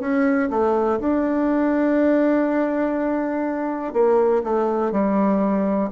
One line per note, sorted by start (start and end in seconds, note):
0.00 0.49 C#4
0.50 0.99 A3
1.00 3.93 D4
3.93 4.42 A#3
4.44 4.91 A3
4.91 5.90 G3